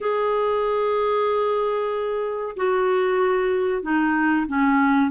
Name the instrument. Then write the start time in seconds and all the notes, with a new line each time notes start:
clarinet
0.00 G#4
2.56 F#4
3.82 D#4
4.47 C#4